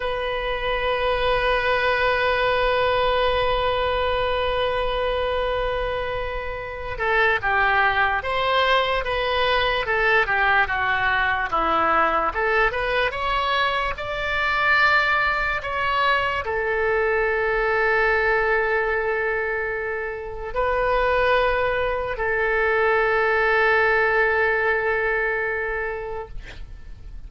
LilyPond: \new Staff \with { instrumentName = "oboe" } { \time 4/4 \tempo 4 = 73 b'1~ | b'1~ | b'8 a'8 g'4 c''4 b'4 | a'8 g'8 fis'4 e'4 a'8 b'8 |
cis''4 d''2 cis''4 | a'1~ | a'4 b'2 a'4~ | a'1 | }